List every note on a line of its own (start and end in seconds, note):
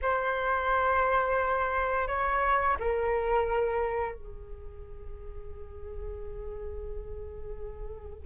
0.02 2.07 C5
2.07 2.76 C#5
2.79 4.14 A#4
4.14 8.25 G#4